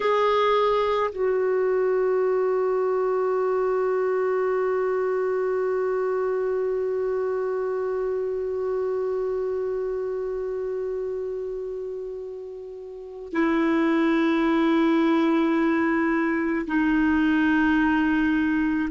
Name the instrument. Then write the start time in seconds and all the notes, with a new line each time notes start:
clarinet
0.00 G#4
1.11 F#4
13.32 E4
16.67 D#4